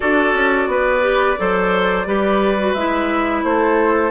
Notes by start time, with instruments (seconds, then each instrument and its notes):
0.00 bassoon D4, clarinet F#4, oboe A4, flute D5
0.33 bassoon C#4
0.67 bassoon B3, oboe B4
1.01 clarinet G4
1.37 bassoon F#3, clarinet A4, oboe C5
2.06 bassoon G3, clarinet G4, oboe B4
2.58 clarinet F#4
2.73 bassoon G#3, clarinet E4, flute E5
3.43 bassoon A3, oboe A4, flute C5